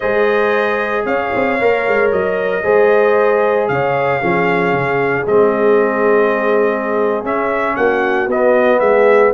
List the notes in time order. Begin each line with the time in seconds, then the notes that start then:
0.00 G#3 G#4 C5 D#5
1.05 C#4 C#5 F5
1.34 C4
1.60 A#3 A#4
1.87 G#3
2.12 F#3 D#5
2.63 G#3 G#4 C5
3.67 C#3 C#5 F5
4.20 F3 C#4 G#4
4.72 C#3
5.26 G#3 C4 D#5
7.23 C#4 E5
7.75 A#3 F#4 F#5
8.27 B3 D#5
8.78 G#3 G#4 E5